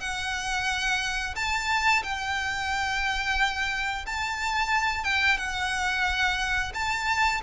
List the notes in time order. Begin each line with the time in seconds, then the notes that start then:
0.00 F#5
1.35 A5
2.03 G5
4.06 A5
5.04 G5
5.37 F#5
6.74 A5